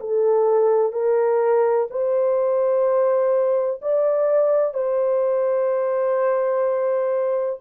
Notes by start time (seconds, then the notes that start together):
0.00 A4
0.93 A#4
1.90 C5
3.82 D5
4.74 C5